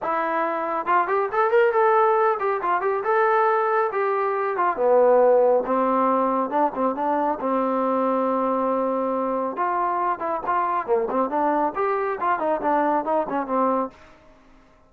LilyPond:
\new Staff \with { instrumentName = "trombone" } { \time 4/4 \tempo 4 = 138 e'2 f'8 g'8 a'8 ais'8 | a'4. g'8 f'8 g'8 a'4~ | a'4 g'4. f'8 b4~ | b4 c'2 d'8 c'8 |
d'4 c'2.~ | c'2 f'4. e'8 | f'4 ais8 c'8 d'4 g'4 | f'8 dis'8 d'4 dis'8 cis'8 c'4 | }